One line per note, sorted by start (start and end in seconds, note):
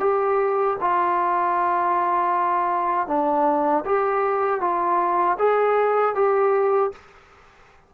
0.00 0.77 G4
0.80 3.07 F4
3.07 3.84 D4
3.85 4.60 G4
4.60 5.37 F4
5.39 6.15 G#4
6.15 6.92 G4